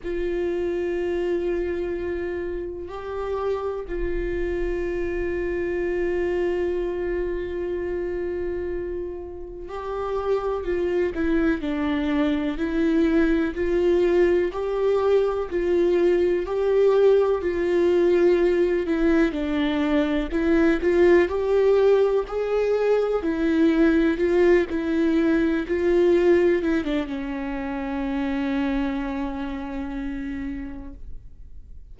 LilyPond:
\new Staff \with { instrumentName = "viola" } { \time 4/4 \tempo 4 = 62 f'2. g'4 | f'1~ | f'2 g'4 f'8 e'8 | d'4 e'4 f'4 g'4 |
f'4 g'4 f'4. e'8 | d'4 e'8 f'8 g'4 gis'4 | e'4 f'8 e'4 f'4 e'16 d'16 | cis'1 | }